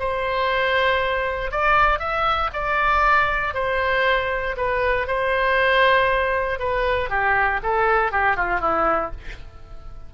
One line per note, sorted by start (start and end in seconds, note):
0.00 1.52 C5
1.52 1.99 D5
1.99 2.50 E5
2.54 3.55 D5
3.55 4.56 C5
4.57 5.08 B4
5.08 6.60 C5
6.60 7.10 B4
7.10 7.61 G4
7.63 8.12 A4
8.12 8.37 G4
8.37 8.61 F4
8.61 9.12 E4